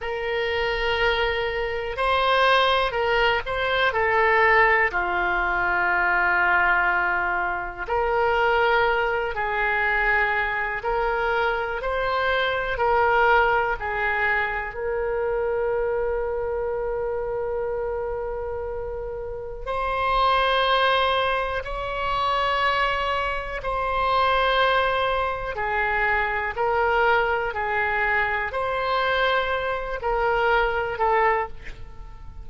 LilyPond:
\new Staff \with { instrumentName = "oboe" } { \time 4/4 \tempo 4 = 61 ais'2 c''4 ais'8 c''8 | a'4 f'2. | ais'4. gis'4. ais'4 | c''4 ais'4 gis'4 ais'4~ |
ais'1 | c''2 cis''2 | c''2 gis'4 ais'4 | gis'4 c''4. ais'4 a'8 | }